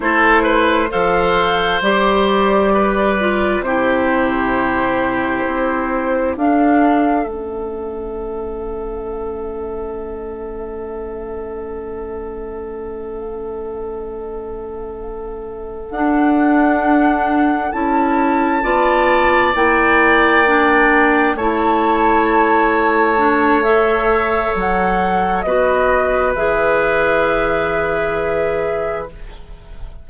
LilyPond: <<
  \new Staff \with { instrumentName = "flute" } { \time 4/4 \tempo 4 = 66 c''4 f''4 d''2 | c''2. f''4 | e''1~ | e''1~ |
e''4. fis''2 a''8~ | a''4. g''2 a''8~ | a''2 e''4 fis''4 | dis''4 e''2. | }
  \new Staff \with { instrumentName = "oboe" } { \time 4/4 a'8 b'8 c''2 b'4 | g'2. a'4~ | a'1~ | a'1~ |
a'1~ | a'8 d''2. cis''8~ | cis''1 | b'1 | }
  \new Staff \with { instrumentName = "clarinet" } { \time 4/4 e'4 a'4 g'4. f'8 | e'2. d'4 | cis'1~ | cis'1~ |
cis'4. d'2 e'8~ | e'8 f'4 e'4 d'4 e'8~ | e'4. d'8 a'2 | fis'4 gis'2. | }
  \new Staff \with { instrumentName = "bassoon" } { \time 4/4 a4 f4 g2 | c2 c'4 d'4 | a1~ | a1~ |
a4. d'2 cis'8~ | cis'8 b4 ais2 a8~ | a2. fis4 | b4 e2. | }
>>